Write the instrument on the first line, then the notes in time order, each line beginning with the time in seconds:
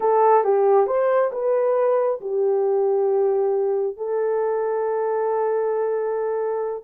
horn
0.00 A4
0.44 G4
0.86 C5
1.32 B4
2.21 G4
3.96 A4